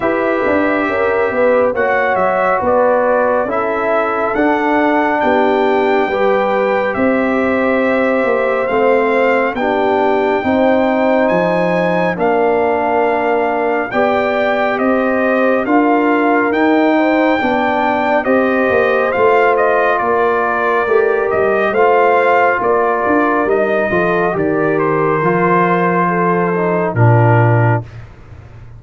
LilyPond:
<<
  \new Staff \with { instrumentName = "trumpet" } { \time 4/4 \tempo 4 = 69 e''2 fis''8 e''8 d''4 | e''4 fis''4 g''2 | e''2 f''4 g''4~ | g''4 gis''4 f''2 |
g''4 dis''4 f''4 g''4~ | g''4 dis''4 f''8 dis''8 d''4~ | d''8 dis''8 f''4 d''4 dis''4 | d''8 c''2~ c''8 ais'4 | }
  \new Staff \with { instrumentName = "horn" } { \time 4/4 b'4 ais'8 b'8 cis''4 b'4 | a'2 g'4 b'4 | c''2. g'4 | c''2 ais'2 |
d''4 c''4 ais'4. c''8 | d''4 c''2 ais'4~ | ais'4 c''4 ais'4. a'8 | ais'2 a'4 f'4 | }
  \new Staff \with { instrumentName = "trombone" } { \time 4/4 g'2 fis'2 | e'4 d'2 g'4~ | g'2 c'4 d'4 | dis'2 d'2 |
g'2 f'4 dis'4 | d'4 g'4 f'2 | g'4 f'2 dis'8 f'8 | g'4 f'4. dis'8 d'4 | }
  \new Staff \with { instrumentName = "tuba" } { \time 4/4 e'8 d'8 cis'8 b8 ais8 fis8 b4 | cis'4 d'4 b4 g4 | c'4. ais8 a4 b4 | c'4 f4 ais2 |
b4 c'4 d'4 dis'4 | b4 c'8 ais8 a4 ais4 | a8 g8 a4 ais8 d'8 g8 f8 | dis4 f2 ais,4 | }
>>